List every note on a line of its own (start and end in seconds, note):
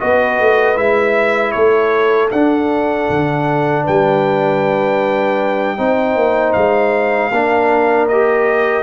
0.00 0.40 B3
0.00 0.76 F#4
0.00 1.55 B4
0.00 0.77 D#5
0.40 0.77 A3
0.76 1.54 G#3
0.76 2.30 E4
0.76 1.52 E5
1.52 2.32 A3
1.52 3.84 A4
1.52 2.29 C#5
2.31 3.09 D4
2.31 5.78 D4
2.31 3.85 F#5
3.10 3.87 D3
3.84 5.79 G3
3.84 5.76 B4
3.84 6.53 G5
5.78 6.15 C4
5.78 7.32 D#4
5.78 7.32 C5
6.15 6.54 A#3
6.53 7.31 G#3
6.53 8.07 F5
7.31 8.83 A#3
7.31 8.11 D4
7.31 8.83 A#4
8.08 8.83 G4
8.08 8.83 D#5